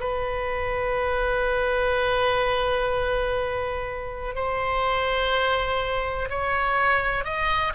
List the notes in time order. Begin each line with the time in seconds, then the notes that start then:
0.00 B4
4.35 C5
6.30 C#5
7.25 D#5